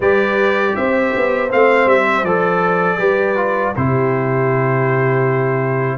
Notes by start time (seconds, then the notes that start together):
0.00 G3 G4 B4 D5
0.75 C4 C5 E5
1.16 B3
1.50 A3 C4 F5
1.86 G3 E5
2.23 F3 A4 D5
2.98 G3 G4 B4
3.36 F4
3.76 C3 E4 G4 C5